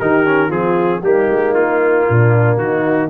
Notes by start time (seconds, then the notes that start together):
0.00 D#3 D#4 G4 A#4
0.26 C#4
0.48 F3 C4 F4 G#4
1.02 G3 A#3 D#4 G4
1.30 G#3
1.54 A#3 F4
2.09 A#2 D4
2.57 D#3 D#4 F#4